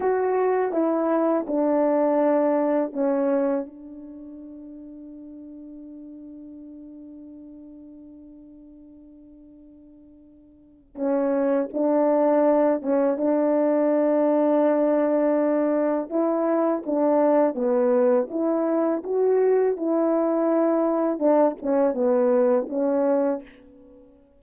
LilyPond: \new Staff \with { instrumentName = "horn" } { \time 4/4 \tempo 4 = 82 fis'4 e'4 d'2 | cis'4 d'2.~ | d'1~ | d'2. cis'4 |
d'4. cis'8 d'2~ | d'2 e'4 d'4 | b4 e'4 fis'4 e'4~ | e'4 d'8 cis'8 b4 cis'4 | }